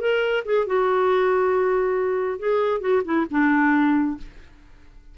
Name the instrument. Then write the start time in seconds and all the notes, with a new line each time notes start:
clarinet
0.00 A#4
0.45 G#4
0.66 F#4
2.39 G#4
2.80 F#4
3.04 E4
3.30 D4